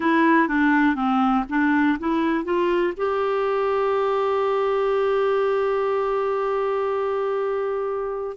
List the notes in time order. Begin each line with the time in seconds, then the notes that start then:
0.00 E4
0.48 D4
0.95 C4
1.49 D4
1.99 E4
2.44 F4
2.96 G4